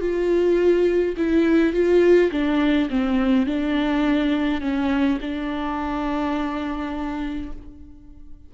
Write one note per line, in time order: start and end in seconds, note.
0.00 1.15 F4
1.17 1.73 E4
1.73 2.31 F4
2.32 2.89 D4
2.90 3.46 C4
3.46 4.61 D4
4.61 5.19 C#4
5.21 7.52 D4